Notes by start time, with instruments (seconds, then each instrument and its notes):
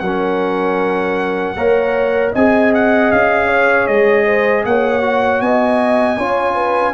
0.00 tuba F#3, trombone C#4, horn A#4, trumpet F#5
1.56 tuba A#3, trombone A#4, horn C#5
2.33 tuba C4, trombone G#4, horn D#5, trumpet G#5
2.74 trumpet F#5
3.12 tuba C#4, trumpet F5
3.48 horn C#5
3.87 tuba G#3, trumpet D#5
4.25 horn C5
4.65 tuba A#3, horn C#5, trumpet F#5
5.02 trombone F#4
5.41 tuba B3, horn D#5, trumpet G#5
6.18 tuba C#4, trombone F4, horn C#5
6.55 horn B4